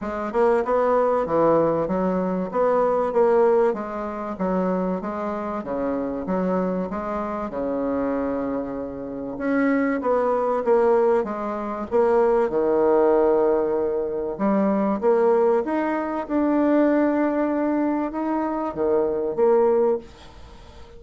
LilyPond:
\new Staff \with { instrumentName = "bassoon" } { \time 4/4 \tempo 4 = 96 gis8 ais8 b4 e4 fis4 | b4 ais4 gis4 fis4 | gis4 cis4 fis4 gis4 | cis2. cis'4 |
b4 ais4 gis4 ais4 | dis2. g4 | ais4 dis'4 d'2~ | d'4 dis'4 dis4 ais4 | }